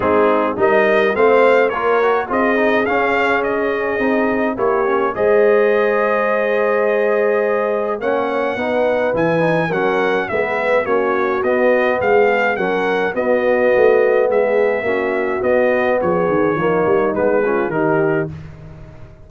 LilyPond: <<
  \new Staff \with { instrumentName = "trumpet" } { \time 4/4 \tempo 4 = 105 gis'4 dis''4 f''4 cis''4 | dis''4 f''4 dis''2 | cis''4 dis''2.~ | dis''2 fis''2 |
gis''4 fis''4 e''4 cis''4 | dis''4 f''4 fis''4 dis''4~ | dis''4 e''2 dis''4 | cis''2 b'4 ais'4 | }
  \new Staff \with { instrumentName = "horn" } { \time 4/4 dis'4 ais'4 c''4 ais'4 | gis'1 | g'4 c''2.~ | c''2 cis''4 b'4~ |
b'4 ais'4 b'4 fis'4~ | fis'4 gis'4 ais'4 fis'4~ | fis'4 gis'4 fis'2 | gis'4 dis'4. f'8 g'4 | }
  \new Staff \with { instrumentName = "trombone" } { \time 4/4 c'4 dis'4 c'4 f'8 fis'8 | f'8 dis'8 cis'2 dis'4 | e'8 cis'8 gis'2.~ | gis'2 cis'4 dis'4 |
e'8 dis'8 cis'4 b4 cis'4 | b2 cis'4 b4~ | b2 cis'4 b4~ | b4 ais4 b8 cis'8 dis'4 | }
  \new Staff \with { instrumentName = "tuba" } { \time 4/4 gis4 g4 a4 ais4 | c'4 cis'2 c'4 | ais4 gis2.~ | gis2 ais4 b4 |
e4 fis4 gis4 ais4 | b4 gis4 fis4 b4 | a4 gis4 ais4 b4 | f8 dis8 f8 g8 gis4 dis4 | }
>>